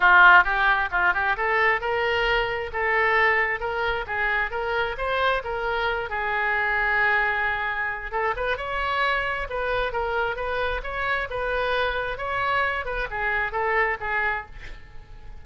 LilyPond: \new Staff \with { instrumentName = "oboe" } { \time 4/4 \tempo 4 = 133 f'4 g'4 f'8 g'8 a'4 | ais'2 a'2 | ais'4 gis'4 ais'4 c''4 | ais'4. gis'2~ gis'8~ |
gis'2 a'8 b'8 cis''4~ | cis''4 b'4 ais'4 b'4 | cis''4 b'2 cis''4~ | cis''8 b'8 gis'4 a'4 gis'4 | }